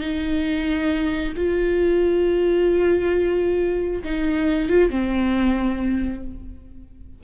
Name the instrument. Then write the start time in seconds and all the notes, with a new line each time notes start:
viola
0.00 D#4
1.37 F4
4.04 D#4
4.69 F4
4.90 C4